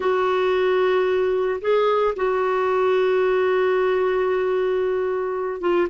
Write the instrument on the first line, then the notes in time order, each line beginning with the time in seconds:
clarinet
0.00 F#4
1.61 G#4
2.16 F#4
5.60 F4